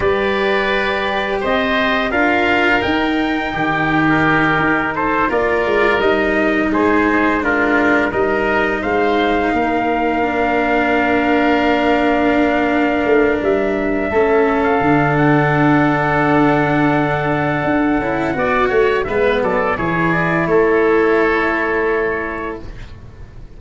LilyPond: <<
  \new Staff \with { instrumentName = "trumpet" } { \time 4/4 \tempo 4 = 85 d''2 dis''4 f''4 | g''4.~ g''16 ais'4~ ais'16 c''8 d''8~ | d''8 dis''4 c''4 ais'4 dis''8~ | dis''8 f''2.~ f''8~ |
f''2. e''4~ | e''8. f''8. fis''2~ fis''8~ | fis''2. e''8 d''8 | cis''8 d''8 cis''2. | }
  \new Staff \with { instrumentName = "oboe" } { \time 4/4 b'2 c''4 ais'4~ | ais'4 g'2 a'8 ais'8~ | ais'4. gis'4 f'4 ais'8~ | ais'8 c''4 ais'2~ ais'8~ |
ais'1 | a'1~ | a'2 d''8 cis''8 b'8 a'8 | gis'4 a'2. | }
  \new Staff \with { instrumentName = "cello" } { \time 4/4 g'2. f'4 | dis'2.~ dis'8 f'8~ | f'8 dis'2 d'4 dis'8~ | dis'2~ dis'8 d'4.~ |
d'1 | cis'4 d'2.~ | d'4. e'8 fis'4 b4 | e'1 | }
  \new Staff \with { instrumentName = "tuba" } { \time 4/4 g2 c'4 d'4 | dis'4 dis4. dis'4 ais8 | gis8 g4 gis2 g8~ | g8 gis4 ais2~ ais8~ |
ais2~ ais8 a8 g4 | a4 d2.~ | d4 d'8 cis'8 b8 a8 gis8 fis8 | e4 a2. | }
>>